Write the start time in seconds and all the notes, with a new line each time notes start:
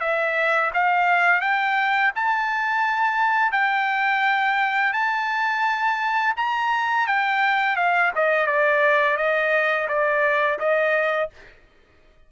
0.00 E5
0.74 F5
1.41 G5
2.15 A5
3.52 G5
4.93 A5
6.36 A#5
7.07 G5
7.76 F5
8.15 D#5
8.46 D5
9.17 D#5
9.88 D5
10.59 D#5